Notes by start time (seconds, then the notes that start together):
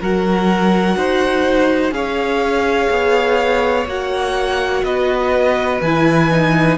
0.00 F#3 F#4 A#4 F#5
0.96 D#4 C5
1.91 C#4 G#4 C#5 F5
2.90 B3
3.85 A#3 F#4 F#5
4.83 B3 B4 D#5
5.81 E3 E4 G#5
6.31 D#4